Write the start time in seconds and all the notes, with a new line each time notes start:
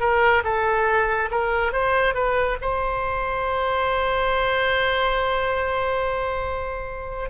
0.00 A#4
0.44 A4
1.31 A#4
1.72 C5
2.14 B4
2.61 C5